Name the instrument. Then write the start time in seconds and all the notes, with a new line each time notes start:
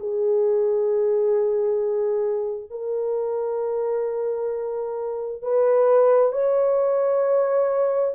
horn
0.00 G#4
2.70 A#4
5.42 B4
6.32 C#5